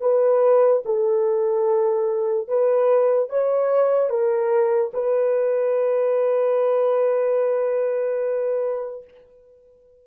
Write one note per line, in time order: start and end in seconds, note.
0.00 0.82 B4
0.85 2.48 A4
2.48 3.29 B4
3.29 4.09 C#5
4.09 4.91 A#4
4.93 9.04 B4